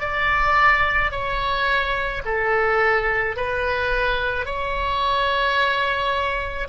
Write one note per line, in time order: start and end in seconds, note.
0.00 1.11 D5
1.11 2.22 C#5
2.25 3.36 A4
3.36 4.45 B4
4.45 6.68 C#5